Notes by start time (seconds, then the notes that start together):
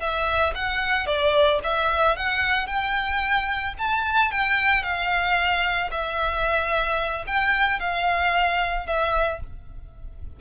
0.00 E5
0.55 F#5
1.06 D5
1.64 E5
2.16 F#5
2.67 G5
3.78 A5
4.31 G5
4.83 F5
5.91 E5
7.27 G5
7.79 F5
8.87 E5